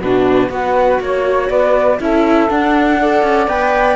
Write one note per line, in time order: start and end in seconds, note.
0.00 0.49 B2
0.00 0.49 D4
0.00 0.50 F#4
0.00 0.51 B4
0.49 0.99 B3
0.49 1.98 F#4
0.49 1.01 B4
0.49 1.01 F#5
0.99 1.49 A#3
0.99 1.48 C#5
0.99 1.49 C#5
1.48 1.99 B3
1.48 1.98 B4
1.48 1.99 D5
2.00 2.49 C#4
2.00 2.49 E4
2.00 2.99 A4
2.00 2.49 E5
2.49 2.98 D4
2.49 3.22 D4
2.49 3.48 F#5
2.99 3.48 A4
2.99 3.96 D5
3.22 3.47 C#4
3.47 3.96 B3
3.47 3.96 B4
3.47 3.96 G5